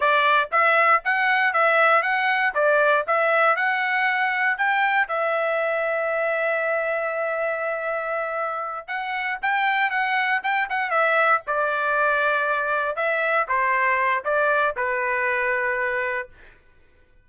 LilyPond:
\new Staff \with { instrumentName = "trumpet" } { \time 4/4 \tempo 4 = 118 d''4 e''4 fis''4 e''4 | fis''4 d''4 e''4 fis''4~ | fis''4 g''4 e''2~ | e''1~ |
e''4. fis''4 g''4 fis''8~ | fis''8 g''8 fis''8 e''4 d''4.~ | d''4. e''4 c''4. | d''4 b'2. | }